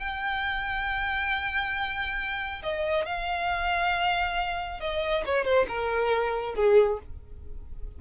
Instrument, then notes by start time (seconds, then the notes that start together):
violin
0.00 G5
2.63 D#5
3.06 F5
4.81 D#5
5.26 C#5
5.45 C5
5.69 A#4
6.56 G#4